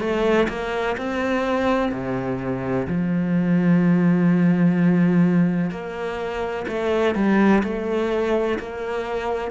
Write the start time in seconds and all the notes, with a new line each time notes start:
0.00 A3
0.48 A#3
0.97 C4
1.92 C3
2.87 F3
5.71 A#3
6.68 A3
7.15 G3
7.63 A3
8.59 A#3